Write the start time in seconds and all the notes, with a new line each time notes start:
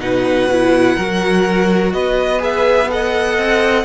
0.00 B2 D#4 B4 F#5
0.52 E4
0.96 F#3 F#4 A#4
1.94 B3 B4 D#5
2.39 G#4 E5
2.90 A4 D#5 F#5
3.39 C4